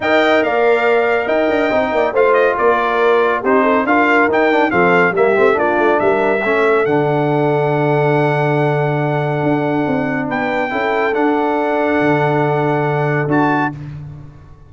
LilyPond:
<<
  \new Staff \with { instrumentName = "trumpet" } { \time 4/4 \tempo 4 = 140 g''4 f''2 g''4~ | g''4 f''8 dis''8 d''2 | c''4 f''4 g''4 f''4 | e''4 d''4 e''2 |
fis''1~ | fis''1 | g''2 fis''2~ | fis''2. a''4 | }
  \new Staff \with { instrumentName = "horn" } { \time 4/4 dis''4 d''2 dis''4~ | dis''8 d''8 c''4 ais'2 | g'8 a'8 ais'2 a'4 | g'4 f'4 ais'4 a'4~ |
a'1~ | a'1 | b'4 a'2.~ | a'1 | }
  \new Staff \with { instrumentName = "trombone" } { \time 4/4 ais'1 | dis'4 f'2. | dis'4 f'4 dis'8 d'8 c'4 | ais8 c'8 d'2 cis'4 |
d'1~ | d'1~ | d'4 e'4 d'2~ | d'2. fis'4 | }
  \new Staff \with { instrumentName = "tuba" } { \time 4/4 dis'4 ais2 dis'8 d'8 | c'8 ais8 a4 ais2 | c'4 d'4 dis'4 f4 | g8 a8 ais8 a8 g4 a4 |
d1~ | d2 d'4 c'4 | b4 cis'4 d'2 | d2. d'4 | }
>>